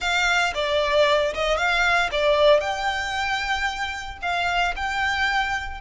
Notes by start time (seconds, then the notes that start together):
0.00 F5
0.54 D5
1.33 D#5
1.57 F5
2.11 D5
2.60 G5
4.22 F5
4.75 G5